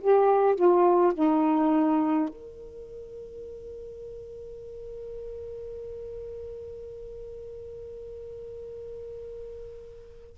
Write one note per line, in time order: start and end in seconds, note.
0.00 0.55 G4
0.55 1.13 F4
1.14 2.29 D#4
2.29 10.36 A#4